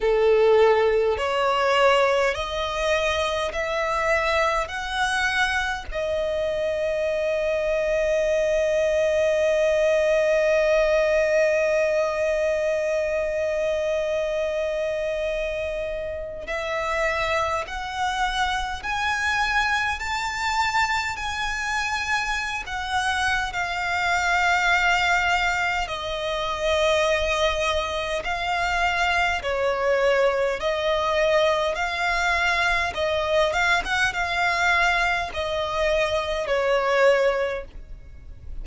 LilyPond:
\new Staff \with { instrumentName = "violin" } { \time 4/4 \tempo 4 = 51 a'4 cis''4 dis''4 e''4 | fis''4 dis''2.~ | dis''1~ | dis''2 e''4 fis''4 |
gis''4 a''4 gis''4~ gis''16 fis''8. | f''2 dis''2 | f''4 cis''4 dis''4 f''4 | dis''8 f''16 fis''16 f''4 dis''4 cis''4 | }